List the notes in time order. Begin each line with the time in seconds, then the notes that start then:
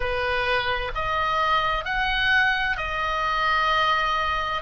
0.00 B4
0.94 D#5
1.85 F#5
2.77 D#5